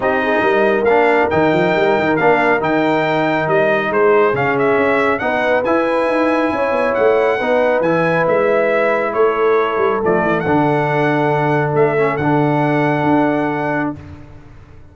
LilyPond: <<
  \new Staff \with { instrumentName = "trumpet" } { \time 4/4 \tempo 4 = 138 dis''2 f''4 g''4~ | g''4 f''4 g''2 | dis''4 c''4 f''8 e''4. | fis''4 gis''2. |
fis''2 gis''4 e''4~ | e''4 cis''2 d''4 | fis''2. e''4 | fis''1 | }
  \new Staff \with { instrumentName = "horn" } { \time 4/4 g'8 gis'8 ais'2.~ | ais'1~ | ais'4 gis'2. | b'2. cis''4~ |
cis''4 b'2.~ | b'4 a'2.~ | a'1~ | a'1 | }
  \new Staff \with { instrumentName = "trombone" } { \time 4/4 dis'2 d'4 dis'4~ | dis'4 d'4 dis'2~ | dis'2 cis'2 | dis'4 e'2.~ |
e'4 dis'4 e'2~ | e'2. a4 | d'2.~ d'8 cis'8 | d'1 | }
  \new Staff \with { instrumentName = "tuba" } { \time 4/4 c'4 g4 ais4 dis8 f8 | g8 dis8 ais4 dis2 | g4 gis4 cis4 cis'4 | b4 e'4 dis'4 cis'8 b8 |
a4 b4 e4 gis4~ | gis4 a4. g8 f8 e8 | d2. a4 | d2 d'2 | }
>>